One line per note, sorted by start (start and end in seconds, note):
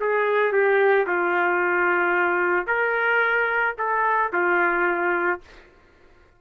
0.00 0.52 G#4
0.52 1.06 G4
1.06 2.67 F4
2.67 3.75 A#4
3.78 4.32 A4
4.32 5.41 F4